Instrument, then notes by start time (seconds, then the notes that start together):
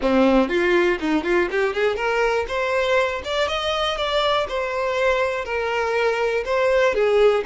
violin
0.01 C4
0.48 F4
0.99 D#4
1.23 F4
1.51 G4
1.73 G#4
1.96 A#4
2.47 C5
3.24 D5
3.48 D#5
3.97 D5
4.48 C5
5.44 A#4
6.45 C5
6.94 G#4